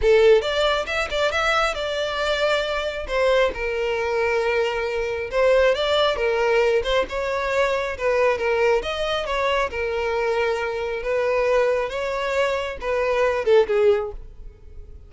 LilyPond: \new Staff \with { instrumentName = "violin" } { \time 4/4 \tempo 4 = 136 a'4 d''4 e''8 d''8 e''4 | d''2. c''4 | ais'1 | c''4 d''4 ais'4. c''8 |
cis''2 b'4 ais'4 | dis''4 cis''4 ais'2~ | ais'4 b'2 cis''4~ | cis''4 b'4. a'8 gis'4 | }